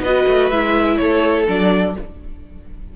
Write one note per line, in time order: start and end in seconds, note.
0.00 0.24 B3
0.00 0.52 F#4
0.00 0.98 B4
0.00 0.50 D#5
0.28 0.51 A3
0.50 0.99 G#3
0.50 1.47 E4
0.50 0.97 E5
0.98 1.48 A3
0.98 1.97 A4
0.98 1.45 C#5
1.47 1.96 F#3
1.47 1.95 D4
1.47 1.96 D5